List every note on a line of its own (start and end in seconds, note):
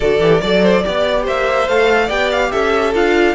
0.00 0.20 D3
0.00 0.20 F#4
0.00 0.41 A4
0.00 1.26 D5
0.20 0.41 E3
0.20 0.41 G4
0.41 0.84 F#3
0.41 0.83 A4
0.41 0.62 D5
0.62 0.83 C5
0.83 1.27 B3
0.83 1.67 G4
0.83 1.23 D5
1.23 1.68 A#3
1.23 2.05 C5
1.23 1.68 E5
1.68 2.09 A3
1.68 2.09 A4
1.68 2.09 F5
2.05 2.51 B3
2.05 2.93 G4
2.05 2.47 D5
2.05 2.30 G5
2.31 2.51 F5
2.51 2.94 C#4
2.51 3.35 A4
2.51 2.93 E5
2.93 3.35 D4
2.93 3.35 F4
2.93 3.35 F5